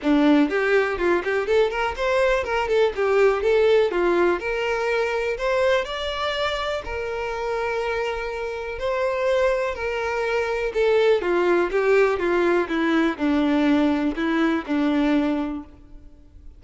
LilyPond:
\new Staff \with { instrumentName = "violin" } { \time 4/4 \tempo 4 = 123 d'4 g'4 f'8 g'8 a'8 ais'8 | c''4 ais'8 a'8 g'4 a'4 | f'4 ais'2 c''4 | d''2 ais'2~ |
ais'2 c''2 | ais'2 a'4 f'4 | g'4 f'4 e'4 d'4~ | d'4 e'4 d'2 | }